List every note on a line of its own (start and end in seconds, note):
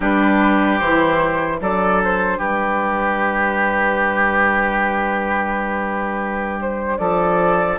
0.00 0.80 G3
0.00 0.81 D4
0.00 1.56 G4
0.00 0.79 B4
0.79 1.60 E3
0.79 1.59 E4
0.79 1.59 C5
1.59 2.39 F#3
1.59 7.78 D4
1.59 2.38 A4
1.59 2.02 D5
2.04 2.39 C5
2.38 6.99 G3
2.38 6.98 G4
2.38 6.59 B4
6.61 6.98 C5
6.98 7.78 F3
6.98 7.78 A4
6.98 7.78 D5